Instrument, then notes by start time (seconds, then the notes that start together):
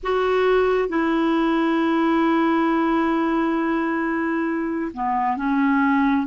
clarinet
0.03 F#4
0.88 E4
4.93 B3
5.36 C#4